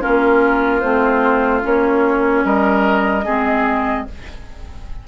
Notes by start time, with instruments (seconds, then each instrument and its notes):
0.00 bassoon A#3, clarinet C#4, oboe F4, flute A#4
0.80 bassoon A3, clarinet C4, flute C5
1.61 bassoon A#3, clarinet C#4, flute C#5
2.44 bassoon G3, oboe A#4, flute D#5
3.24 bassoon G#3, clarinet C4, oboe G#4